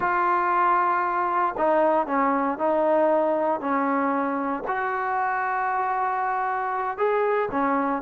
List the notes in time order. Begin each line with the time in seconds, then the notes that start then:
0.00 F4
1.57 D#4
2.06 C#4
2.58 D#4
3.60 C#4
4.67 F#4
6.97 G#4
7.51 C#4